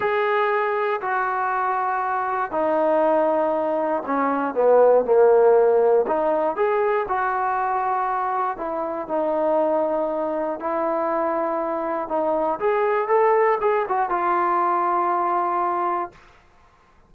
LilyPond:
\new Staff \with { instrumentName = "trombone" } { \time 4/4 \tempo 4 = 119 gis'2 fis'2~ | fis'4 dis'2. | cis'4 b4 ais2 | dis'4 gis'4 fis'2~ |
fis'4 e'4 dis'2~ | dis'4 e'2. | dis'4 gis'4 a'4 gis'8 fis'8 | f'1 | }